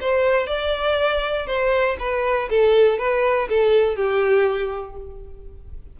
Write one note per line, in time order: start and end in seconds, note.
0.00 0.47 C5
0.47 1.47 D5
1.47 1.97 C5
1.99 2.49 B4
2.49 2.98 A4
2.98 3.48 B4
3.48 3.96 A4
3.96 4.96 G4